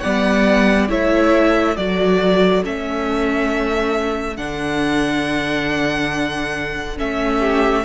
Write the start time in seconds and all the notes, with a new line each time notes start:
0.00 G3 B3 D5 F#5
0.88 A3 E4 C#5 E5
1.76 F#3 F#4 A4 D5
2.63 A3 C#4 E5
4.37 D3 D4 F#5
6.97 A3 C#4 E5
7.39 G4